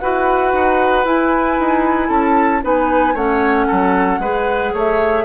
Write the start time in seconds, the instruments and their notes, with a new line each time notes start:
0.00 bassoon E4, clarinet F#4, oboe B4, flute F#5
0.54 bassoon D#4
1.05 clarinet E4, bassoon E4, flute G#5
1.59 bassoon D#4
2.09 bassoon C#4, oboe A4, flute A5
2.62 bassoon B3, clarinet D#4, oboe B4, flute G#5
3.14 bassoon A3, clarinet C#4, oboe C#5, flute F#5
3.67 bassoon F#3, oboe A4
4.19 bassoon G#3, clarinet G#4, oboe B4
4.74 bassoon A3, oboe C#5, flute E5